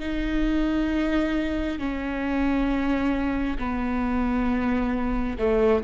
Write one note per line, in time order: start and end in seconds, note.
0.00 1.79 D#4
1.79 3.58 C#4
3.59 5.38 B3
5.39 5.84 A3